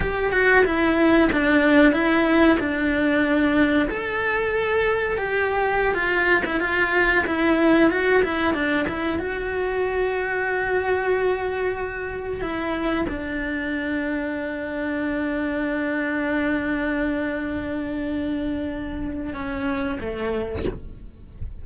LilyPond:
\new Staff \with { instrumentName = "cello" } { \time 4/4 \tempo 4 = 93 g'8 fis'8 e'4 d'4 e'4 | d'2 a'2 | g'4~ g'16 f'8. e'16 f'4 e'8.~ | e'16 fis'8 e'8 d'8 e'8 fis'4.~ fis'16~ |
fis'2.~ fis'16 e'8.~ | e'16 d'2.~ d'8.~ | d'1~ | d'2 cis'4 a4 | }